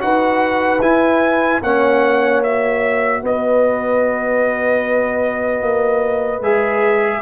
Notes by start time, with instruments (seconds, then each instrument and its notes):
0.00 tuba D#4, trombone F#4, horn B4, trumpet F#5
0.81 tuba E4, trombone E4, trumpet G#5
1.62 tuba A#3, trombone C#4, horn C#5, trumpet F#5
2.44 trombone F#4, trumpet E5
3.23 tuba B3, horn B4, trumpet D#5
5.62 tuba A#3
6.41 tuba G#3, trombone G#4, trumpet E5